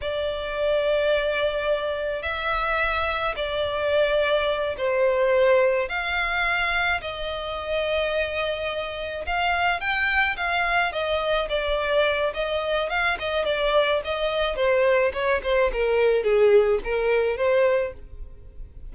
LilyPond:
\new Staff \with { instrumentName = "violin" } { \time 4/4 \tempo 4 = 107 d''1 | e''2 d''2~ | d''8 c''2 f''4.~ | f''8 dis''2.~ dis''8~ |
dis''8 f''4 g''4 f''4 dis''8~ | dis''8 d''4. dis''4 f''8 dis''8 | d''4 dis''4 c''4 cis''8 c''8 | ais'4 gis'4 ais'4 c''4 | }